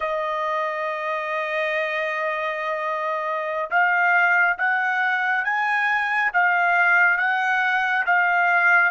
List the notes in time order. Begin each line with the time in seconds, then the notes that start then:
0.00 D#5
3.70 F5
4.58 F#5
5.44 G#5
6.33 F5
7.17 F#5
8.06 F5